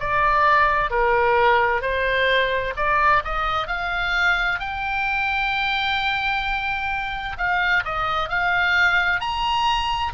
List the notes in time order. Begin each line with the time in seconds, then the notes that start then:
0.00 D5
0.91 A#4
1.82 C5
2.77 D5
3.25 D#5
3.68 F5
4.60 G5
7.38 F5
7.85 D#5
8.30 F5
9.21 A#5